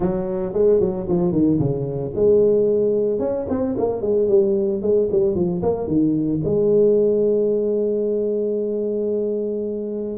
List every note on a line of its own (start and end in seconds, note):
0.00 0.53 F#3
0.53 0.80 G#3
0.80 1.07 F#3
1.08 1.31 F3
1.31 1.58 D#3
1.59 2.12 C#3
2.15 3.19 G#3
3.19 3.46 C#4
3.49 3.76 C4
3.77 4.01 A#3
4.01 4.28 G#3
4.28 4.81 G3
4.82 5.08 G#3
5.11 5.35 G3
5.35 5.62 F3
5.62 5.87 A#3
5.87 6.40 D#3
6.44 10.18 G#3